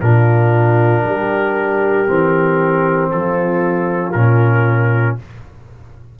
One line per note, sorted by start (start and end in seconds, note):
0.00 1.03 A#2
0.00 2.07 D4
0.00 1.04 F4
0.00 3.10 A#4
1.03 2.07 G3
1.03 3.11 G4
2.07 3.13 E3
2.07 4.14 C4
3.11 4.14 F3
3.11 5.19 F4
3.11 4.12 A4
4.12 5.17 A#2
4.12 5.19 C#4
4.12 5.15 A#4